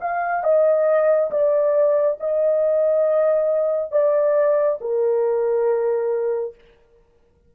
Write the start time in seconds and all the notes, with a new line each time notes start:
0.00 F5
0.43 D#5
1.30 D5
2.20 D#5
3.91 D5
4.80 A#4